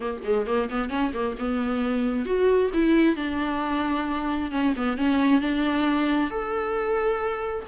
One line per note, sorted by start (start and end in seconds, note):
0.00 0.20 A#3
0.24 0.46 G#3
0.46 0.69 A#3
0.69 0.89 B3
0.89 1.12 C#4
1.13 1.36 A#3
1.38 2.25 B3
2.25 2.70 F#4
2.73 3.15 E4
3.15 4.51 D4
4.51 4.73 C#4
4.76 4.97 B3
4.97 5.41 C#4
5.41 6.30 D4
6.30 7.65 A4